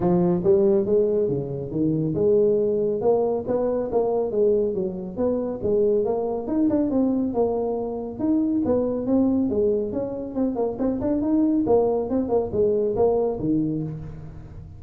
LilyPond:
\new Staff \with { instrumentName = "tuba" } { \time 4/4 \tempo 4 = 139 f4 g4 gis4 cis4 | dis4 gis2 ais4 | b4 ais4 gis4 fis4 | b4 gis4 ais4 dis'8 d'8 |
c'4 ais2 dis'4 | b4 c'4 gis4 cis'4 | c'8 ais8 c'8 d'8 dis'4 ais4 | c'8 ais8 gis4 ais4 dis4 | }